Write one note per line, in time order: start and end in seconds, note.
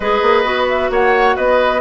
0.00 0.20 G#3
0.00 0.44 G#4
0.00 0.90 B4
0.00 0.68 D#5
0.21 0.44 A#3
0.44 0.89 B3
0.44 1.80 F#4
0.68 0.91 E5
0.90 1.35 A#3
0.90 1.35 C#5
0.90 1.36 F#5
1.35 1.81 B3
1.35 1.81 B4
1.35 1.81 D#5